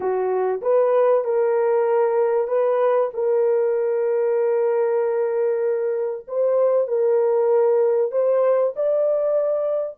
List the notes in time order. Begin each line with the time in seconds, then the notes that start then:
0.00 F#4
0.61 B4
1.24 A#4
2.47 B4
3.13 A#4
6.27 C5
6.87 A#4
8.11 C5
8.76 D5